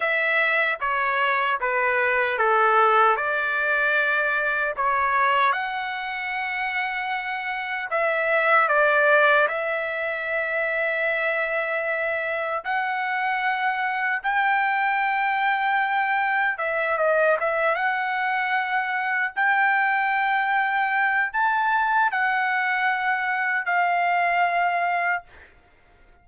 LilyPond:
\new Staff \with { instrumentName = "trumpet" } { \time 4/4 \tempo 4 = 76 e''4 cis''4 b'4 a'4 | d''2 cis''4 fis''4~ | fis''2 e''4 d''4 | e''1 |
fis''2 g''2~ | g''4 e''8 dis''8 e''8 fis''4.~ | fis''8 g''2~ g''8 a''4 | fis''2 f''2 | }